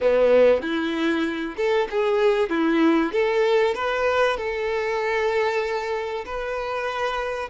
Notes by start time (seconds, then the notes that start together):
0.00 B3
0.62 E4
1.56 A4
1.90 G#4
2.49 E4
3.12 A4
3.74 B4
4.37 A4
6.25 B4